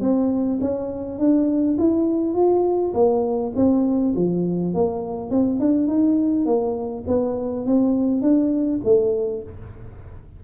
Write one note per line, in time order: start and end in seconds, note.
0.00 0.59 C4
0.61 1.18 C#4
1.18 1.77 D4
1.78 2.34 E4
2.34 2.93 F4
2.93 3.52 A#3
3.56 4.14 C4
4.15 4.74 F3
4.74 5.30 A#3
5.30 5.59 C4
5.59 5.87 D4
5.87 6.45 D#4
6.45 7.04 A#3
7.07 7.66 B3
7.66 8.21 C4
8.21 8.80 D4
8.84 9.43 A3